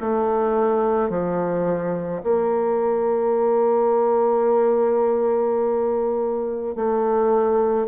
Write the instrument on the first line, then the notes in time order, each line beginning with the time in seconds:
bassoon
0.00 A3
1.09 F3
2.23 A#3
6.75 A3